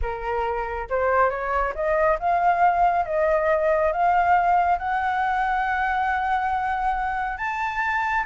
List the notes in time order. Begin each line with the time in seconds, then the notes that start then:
0.02 A#4
0.89 C5
1.29 C#5
1.74 D#5
2.19 F5
3.05 D#5
3.92 F5
4.78 F#5
7.37 A5